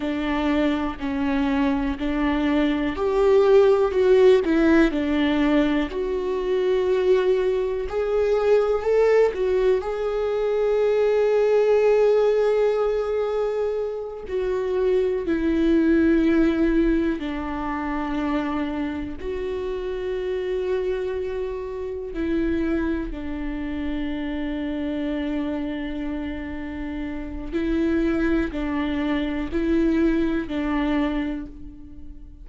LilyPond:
\new Staff \with { instrumentName = "viola" } { \time 4/4 \tempo 4 = 61 d'4 cis'4 d'4 g'4 | fis'8 e'8 d'4 fis'2 | gis'4 a'8 fis'8 gis'2~ | gis'2~ gis'8 fis'4 e'8~ |
e'4. d'2 fis'8~ | fis'2~ fis'8 e'4 d'8~ | d'1 | e'4 d'4 e'4 d'4 | }